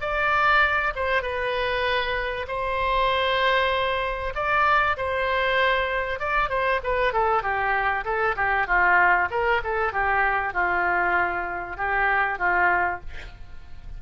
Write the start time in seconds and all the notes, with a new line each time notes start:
0.00 D5
0.95 C5
1.22 B4
2.47 C5
4.34 D5
4.97 C5
6.19 D5
6.49 C5
6.83 B4
7.13 A4
7.42 G4
8.04 A4
8.36 G4
8.67 F4
9.30 A#4
9.63 A4
9.92 G4
10.53 F4
11.77 G4
12.38 F4